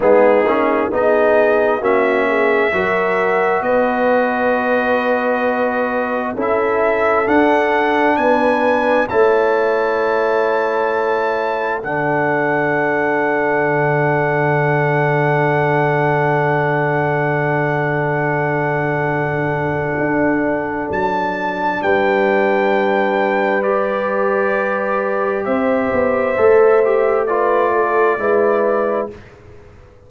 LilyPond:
<<
  \new Staff \with { instrumentName = "trumpet" } { \time 4/4 \tempo 4 = 66 gis'4 dis''4 e''2 | dis''2. e''4 | fis''4 gis''4 a''2~ | a''4 fis''2.~ |
fis''1~ | fis''2. a''4 | g''2 d''2 | e''2 d''2 | }
  \new Staff \with { instrumentName = "horn" } { \time 4/4 dis'4 gis'4 fis'8 gis'8 ais'4 | b'2. a'4~ | a'4 b'4 cis''2~ | cis''4 a'2.~ |
a'1~ | a'1 | b'1 | c''2 b'8 a'8 b'4 | }
  \new Staff \with { instrumentName = "trombone" } { \time 4/4 b8 cis'8 dis'4 cis'4 fis'4~ | fis'2. e'4 | d'2 e'2~ | e'4 d'2.~ |
d'1~ | d'1~ | d'2 g'2~ | g'4 a'8 g'8 f'4 e'4 | }
  \new Staff \with { instrumentName = "tuba" } { \time 4/4 gis8 ais8 b4 ais4 fis4 | b2. cis'4 | d'4 b4 a2~ | a4 d2.~ |
d1~ | d2 d'4 fis4 | g1 | c'8 b8 a2 gis4 | }
>>